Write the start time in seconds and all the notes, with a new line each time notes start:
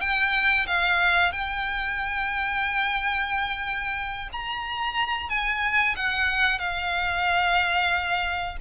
0.00 G5
0.67 F5
1.32 G5
4.32 A#5
5.29 G#5
5.96 F#5
6.58 F5